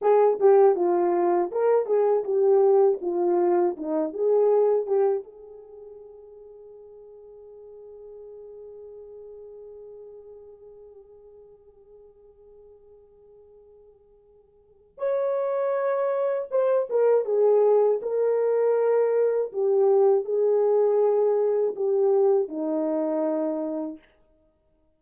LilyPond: \new Staff \with { instrumentName = "horn" } { \time 4/4 \tempo 4 = 80 gis'8 g'8 f'4 ais'8 gis'8 g'4 | f'4 dis'8 gis'4 g'8 gis'4~ | gis'1~ | gis'1~ |
gis'1 | cis''2 c''8 ais'8 gis'4 | ais'2 g'4 gis'4~ | gis'4 g'4 dis'2 | }